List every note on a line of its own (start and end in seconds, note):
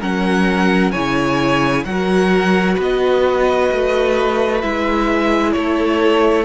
0.00 0.94 F#3
0.00 0.93 C#4
0.00 0.92 A#4
0.00 0.92 F#5
0.92 1.85 C#3
0.92 1.86 E4
0.92 1.84 C#5
0.92 1.84 G#5
1.85 2.77 F#3
1.85 4.62 F#4
1.85 2.76 A#4
1.85 2.77 F#5
2.76 3.70 B3
2.76 5.53 B4
2.82 4.62 D#5
3.71 4.63 A3
4.62 5.56 G#3
4.62 6.45 E4
4.62 5.52 E5
5.52 6.45 A3
5.52 6.45 A4
5.52 6.44 C#5